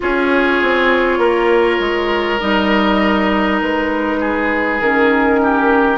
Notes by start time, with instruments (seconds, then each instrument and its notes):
0.00 bassoon C#4, clarinet F4, oboe G#4, flute C#5
0.61 bassoon C4
1.18 bassoon A#3, oboe A#4
1.79 bassoon G#3
2.40 bassoon G3, clarinet D#4, flute D#5
3.62 bassoon G#3, flute B4
4.20 oboe G#4
4.80 bassoon D#3, clarinet C#4, flute A#4
5.42 oboe G4